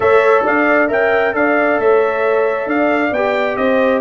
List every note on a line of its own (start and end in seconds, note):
0.00 0.45 A3
0.00 0.88 A4
0.00 0.44 C#5
0.00 0.45 E5
0.44 0.90 D4
0.44 0.88 D5
0.44 0.91 F5
0.88 1.34 C#4
0.88 1.32 A#4
0.88 1.33 E5
0.88 1.35 G5
1.32 1.78 D4
1.32 3.11 A4
1.32 1.80 D5
1.32 1.80 F5
1.78 2.66 A3
1.78 2.69 C#5
1.78 2.69 E5
2.66 3.11 D4
2.66 3.58 D5
2.66 3.13 F5
3.11 3.56 B3
3.11 4.01 G4
3.11 3.56 G5
3.56 4.01 C4
3.56 4.01 C5
3.56 4.01 D#5